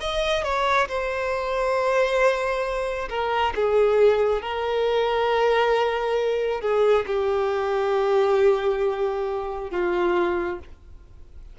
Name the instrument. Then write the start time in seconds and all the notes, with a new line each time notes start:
violin
0.00 D#5
0.44 C#5
0.88 C5
3.09 A#4
3.55 G#4
4.42 A#4
6.61 G#4
7.07 G4
9.71 F4